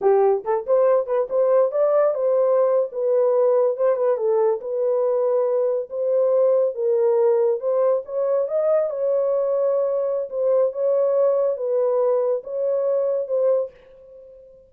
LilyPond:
\new Staff \with { instrumentName = "horn" } { \time 4/4 \tempo 4 = 140 g'4 a'8 c''4 b'8 c''4 | d''4 c''4.~ c''16 b'4~ b'16~ | b'8. c''8 b'8 a'4 b'4~ b'16~ | b'4.~ b'16 c''2 ais'16~ |
ais'4.~ ais'16 c''4 cis''4 dis''16~ | dis''8. cis''2.~ cis''16 | c''4 cis''2 b'4~ | b'4 cis''2 c''4 | }